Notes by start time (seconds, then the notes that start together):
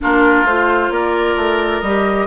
0.01 A#3 D4 F4 A#4
0.44 A3 F4 C5
0.90 A#3 A#4 D5
1.36 A3
1.81 G3 G4 D#5